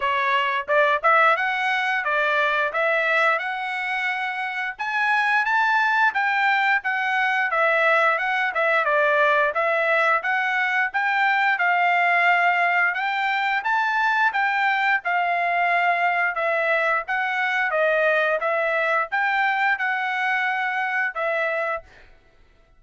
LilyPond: \new Staff \with { instrumentName = "trumpet" } { \time 4/4 \tempo 4 = 88 cis''4 d''8 e''8 fis''4 d''4 | e''4 fis''2 gis''4 | a''4 g''4 fis''4 e''4 | fis''8 e''8 d''4 e''4 fis''4 |
g''4 f''2 g''4 | a''4 g''4 f''2 | e''4 fis''4 dis''4 e''4 | g''4 fis''2 e''4 | }